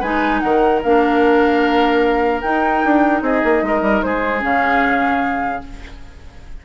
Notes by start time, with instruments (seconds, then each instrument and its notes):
0.00 bassoon G#3, clarinet D#4, oboe B4, flute G#5
0.40 bassoon D#3, oboe A#4, flute F#5
0.83 bassoon A#3, clarinet D4, flute F5
2.41 clarinet D#4, bassoon D#4, flute G5
2.85 bassoon D4
3.21 bassoon C4, oboe G#4, flute D#5
3.44 bassoon A#3
3.62 bassoon G#3, oboe A#4
3.81 bassoon G3
4.02 bassoon G#3, oboe G#4, flute C5
4.39 bassoon C#3, clarinet C#4, flute F5